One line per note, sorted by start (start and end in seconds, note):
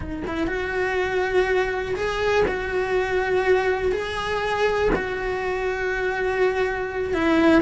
0.00 0.22 D#4
0.27 0.47 E4
0.47 1.94 F#4
1.95 2.45 G#4
2.47 3.92 F#4
3.92 4.90 G#4
4.95 7.13 F#4
7.13 7.61 E4